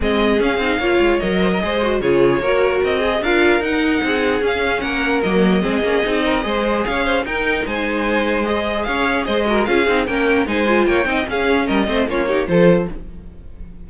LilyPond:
<<
  \new Staff \with { instrumentName = "violin" } { \time 4/4 \tempo 4 = 149 dis''4 f''2 dis''4~ | dis''4 cis''2 dis''4 | f''4 fis''2 f''4 | fis''4 dis''2.~ |
dis''4 f''4 g''4 gis''4~ | gis''4 dis''4 f''4 dis''4 | f''4 g''4 gis''4 g''4 | f''4 dis''4 cis''4 c''4 | }
  \new Staff \with { instrumentName = "violin" } { \time 4/4 gis'2 cis''4. c''16 ais'16 | c''4 gis'4 ais'4. gis'8 | ais'2 gis'2 | ais'2 gis'4. ais'8 |
c''4 cis''8 c''8 ais'4 c''4~ | c''2 cis''4 c''8 ais'8 | gis'4 ais'4 c''4 cis''8 dis''8 | gis'4 ais'8 c''8 f'8 g'8 a'4 | }
  \new Staff \with { instrumentName = "viola" } { \time 4/4 c'4 cis'8 dis'8 f'4 ais'4 | gis'8 fis'8 f'4 fis'4. gis'8 | f'4 dis'2 cis'4~ | cis'4 ais4 c'8 cis'8 dis'4 |
gis'2 dis'2~ | dis'4 gis'2~ gis'8 fis'8 | f'8 dis'8 cis'4 dis'8 f'4 dis'8 | cis'4. c'8 cis'8 dis'8 f'4 | }
  \new Staff \with { instrumentName = "cello" } { \time 4/4 gis4 cis'8 c'8 ais8 gis8 fis4 | gis4 cis4 ais4 c'4 | d'4 dis'4 c'4 cis'4 | ais4 fis4 gis8 ais8 c'4 |
gis4 cis'4 dis'4 gis4~ | gis2 cis'4 gis4 | cis'8 c'8 ais4 gis4 ais8 c'8 | cis'4 g8 a8 ais4 f4 | }
>>